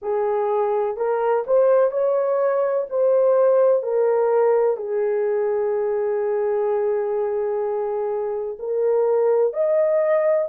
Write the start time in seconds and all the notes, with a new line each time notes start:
0.02 G#4
0.97 A#4
1.46 C5
1.90 C#5
2.89 C5
3.82 A#4
4.76 G#4
8.59 A#4
9.53 D#5